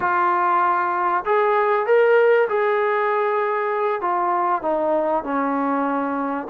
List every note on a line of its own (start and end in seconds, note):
0.00 1.24 F4
1.25 1.86 G#4
1.86 2.48 A#4
2.49 4.01 G#4
4.01 4.61 F4
4.61 5.23 D#4
5.23 6.47 C#4